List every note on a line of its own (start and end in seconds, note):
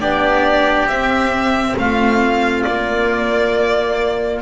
0.00 0.86 B3
0.00 0.88 D4
0.00 1.77 G4
0.00 0.88 D5
0.86 1.74 C4
0.86 2.68 C4
0.86 1.76 E5
1.76 2.65 A3
1.76 4.42 F4
1.76 2.62 F5
2.62 4.42 A#3
2.62 4.39 D5
2.69 4.42 A#3